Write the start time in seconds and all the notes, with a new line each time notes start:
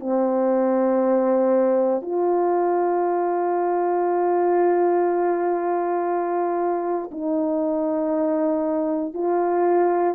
0.00 C4
2.02 F4
7.11 D#4
9.14 F4